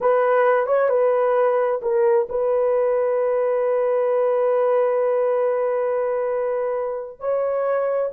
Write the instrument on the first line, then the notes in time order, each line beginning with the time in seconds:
horn
0.00 B4
0.66 C#5
0.89 B4
1.82 A#4
2.29 B4
7.20 C#5